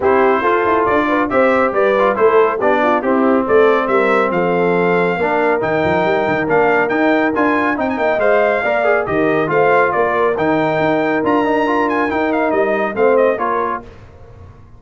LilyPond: <<
  \new Staff \with { instrumentName = "trumpet" } { \time 4/4 \tempo 4 = 139 c''2 d''4 e''4 | d''4 c''4 d''4 g'4 | d''4 e''4 f''2~ | f''4 g''2 f''4 |
g''4 gis''4 g''16 gis''16 g''8 f''4~ | f''4 dis''4 f''4 d''4 | g''2 ais''4. gis''8 | g''8 f''8 dis''4 f''8 dis''8 cis''4 | }
  \new Staff \with { instrumentName = "horn" } { \time 4/4 g'4 a'4. b'8 c''4 | b'4 a'4 g'8 f'8 e'4 | a'4 ais'4 a'2 | ais'1~ |
ais'2 dis''2 | d''4 ais'4 c''4 ais'4~ | ais'1~ | ais'2 c''4 ais'4 | }
  \new Staff \with { instrumentName = "trombone" } { \time 4/4 e'4 f'2 g'4~ | g'8 f'8 e'4 d'4 c'4~ | c'1 | d'4 dis'2 d'4 |
dis'4 f'4 dis'4 c''4 | ais'8 gis'8 g'4 f'2 | dis'2 f'8 dis'8 f'4 | dis'2 c'4 f'4 | }
  \new Staff \with { instrumentName = "tuba" } { \time 4/4 c'4 f'8 e'8 d'4 c'4 | g4 a4 b4 c'4 | a4 g4 f2 | ais4 dis8 f8 g8 dis8 ais4 |
dis'4 d'4 c'8 ais8 gis4 | ais4 dis4 a4 ais4 | dis4 dis'4 d'2 | dis'4 g4 a4 ais4 | }
>>